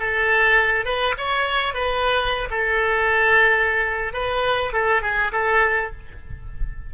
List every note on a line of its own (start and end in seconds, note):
0.00 0.85 A4
0.85 1.15 B4
1.18 1.74 C#5
1.74 2.49 B4
2.51 4.13 A4
4.13 4.73 B4
4.73 5.02 A4
5.02 5.32 G#4
5.32 5.92 A4